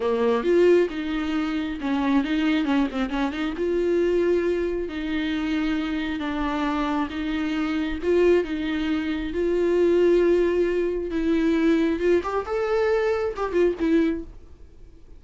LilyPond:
\new Staff \with { instrumentName = "viola" } { \time 4/4 \tempo 4 = 135 ais4 f'4 dis'2 | cis'4 dis'4 cis'8 c'8 cis'8 dis'8 | f'2. dis'4~ | dis'2 d'2 |
dis'2 f'4 dis'4~ | dis'4 f'2.~ | f'4 e'2 f'8 g'8 | a'2 g'8 f'8 e'4 | }